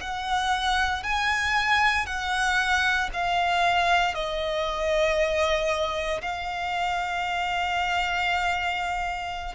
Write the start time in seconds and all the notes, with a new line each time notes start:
0.00 F#5
1.03 G#5
2.06 F#5
3.13 F5
4.14 D#5
6.21 F5